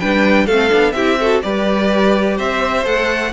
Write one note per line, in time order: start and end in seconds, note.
0.00 0.47 G3
0.00 0.48 D4
0.00 0.46 B4
0.00 0.47 G5
0.46 0.71 A3
0.46 0.70 C4
0.46 0.94 A4
0.46 0.92 F5
0.70 0.93 B3
0.70 0.94 D4
0.92 1.40 C4
0.92 1.20 E4
0.92 1.19 G4
0.92 1.40 E5
1.20 1.42 F#4
1.20 1.43 A4
1.42 2.38 G3
1.42 2.85 G4
1.42 2.37 B4
1.42 2.38 D5
2.37 2.86 C4
2.37 3.32 C5
2.37 2.86 E5
2.85 3.33 A3
2.85 3.32 A4
2.85 3.33 F#5